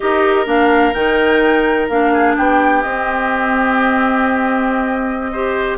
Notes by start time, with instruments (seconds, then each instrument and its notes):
0.00 bassoon D#4, clarinet G4, oboe A#4, flute D#5
0.45 bassoon A#3, clarinet D4, flute F5
0.93 bassoon D#3, clarinet D#4, flute G5
1.88 bassoon A#3, clarinet D4, flute F5
2.13 oboe G#4
2.35 bassoon B3, oboe G4, flute G5
2.82 bassoon C4, clarinet C4, flute D#5
5.32 clarinet G4, oboe C5